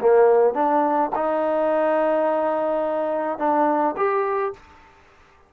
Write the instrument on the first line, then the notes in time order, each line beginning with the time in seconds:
trombone
0.00 A#3
0.54 D4
1.14 D#4
3.38 D4
3.96 G4